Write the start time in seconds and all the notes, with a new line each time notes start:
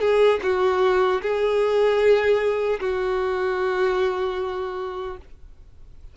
0.00 G#4
0.42 F#4
1.21 G#4
2.80 F#4